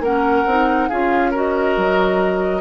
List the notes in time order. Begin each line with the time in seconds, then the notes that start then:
0.00 A#3 C#4 A#4 F#5
0.46 C4 D#4
0.89 C#4 F4 G#4 F5
1.31 F#4 A#4 D#5
1.77 F#3